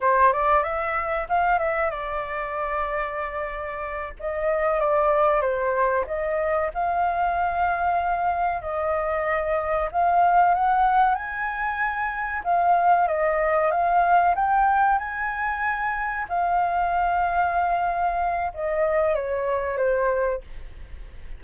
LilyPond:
\new Staff \with { instrumentName = "flute" } { \time 4/4 \tempo 4 = 94 c''8 d''8 e''4 f''8 e''8 d''4~ | d''2~ d''8 dis''4 d''8~ | d''8 c''4 dis''4 f''4.~ | f''4. dis''2 f''8~ |
f''8 fis''4 gis''2 f''8~ | f''8 dis''4 f''4 g''4 gis''8~ | gis''4. f''2~ f''8~ | f''4 dis''4 cis''4 c''4 | }